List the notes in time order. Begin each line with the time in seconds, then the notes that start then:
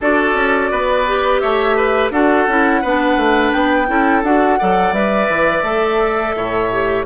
0.00 D4 F#4 A4 D5
0.34 C#4
0.71 B3 B4
1.06 G4
1.40 A3 C#5 E5
1.76 B4
2.10 D4 F#4 A4 F#5
2.47 C#4 E4
2.81 B3 D4 B4
3.16 A3
3.51 B3 G5
3.87 C#4 E4 A4
4.23 D4 F#4 F#5
4.58 F#3 A4 D5
4.92 G3 B4 E5
5.29 E3
5.62 A3 A4
6.35 A2 C#5
6.71 G4